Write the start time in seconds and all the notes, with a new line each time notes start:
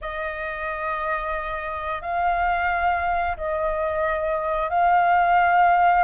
0.01 D#5
2.01 F5
3.36 D#5
4.69 F5